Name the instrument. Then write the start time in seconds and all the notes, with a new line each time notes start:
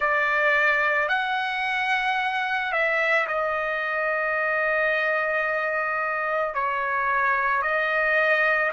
trumpet
0.00 D5
1.08 F#5
2.72 E5
3.27 D#5
6.54 C#5
7.62 D#5